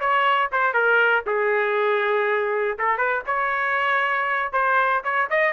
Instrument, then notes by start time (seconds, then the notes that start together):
trumpet
0.00 C#5
0.52 C5
0.74 A#4
1.27 G#4
2.78 A4
2.98 B4
3.27 C#5
4.53 C5
5.04 C#5
5.30 D#5